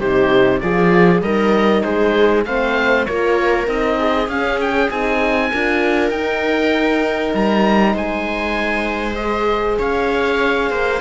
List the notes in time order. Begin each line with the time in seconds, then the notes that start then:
0.00 C3 D#4 G4 C5
0.60 F3 F4 G#4 D5
1.21 G3 D#4 A#4 D#5
1.83 G#3 G#4 C5
2.46 A3 C4 C5 F5
3.06 A#3 F4 A#4 C#5
3.66 C4 D#4 D#5
3.99 G#4
4.28 C#4 F5
4.61 G5
4.91 C4 D#4 G#5
5.52 D4 F4 A#4
6.11 D#4 G5
7.34 G3 A#5
7.94 G#3 C5 G#5
9.16 G#4 D#5
9.79 C#4 C#5 F5
10.70 A#3 C5